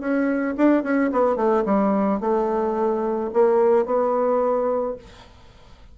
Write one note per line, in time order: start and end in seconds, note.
0.00 0.55 C#4
0.57 0.83 D4
0.83 1.11 C#4
1.12 1.36 B3
1.36 1.64 A3
1.65 2.20 G3
2.20 3.31 A3
3.33 3.86 A#3
3.86 4.96 B3